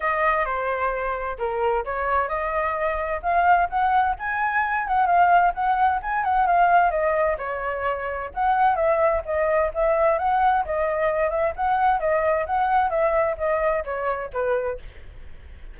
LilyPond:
\new Staff \with { instrumentName = "flute" } { \time 4/4 \tempo 4 = 130 dis''4 c''2 ais'4 | cis''4 dis''2 f''4 | fis''4 gis''4. fis''8 f''4 | fis''4 gis''8 fis''8 f''4 dis''4 |
cis''2 fis''4 e''4 | dis''4 e''4 fis''4 dis''4~ | dis''8 e''8 fis''4 dis''4 fis''4 | e''4 dis''4 cis''4 b'4 | }